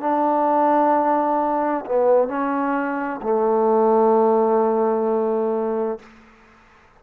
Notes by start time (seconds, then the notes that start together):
0.00 D4
1.85 B3
2.28 C#4
3.22 A3